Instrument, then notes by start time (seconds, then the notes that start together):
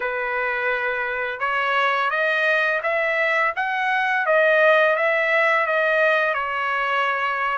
trumpet
0.00 B4
1.39 C#5
2.10 D#5
2.82 E5
3.56 F#5
4.25 D#5
4.96 E5
5.66 D#5
6.33 C#5